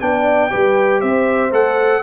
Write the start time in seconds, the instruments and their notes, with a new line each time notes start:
0.00 tuba B3, trombone D4, horn D5, trumpet G5
0.50 tuba G3, trombone G4, horn B4
1.01 tuba C4, horn C5, trumpet E5
1.51 tuba A3, trombone A4, trumpet F#5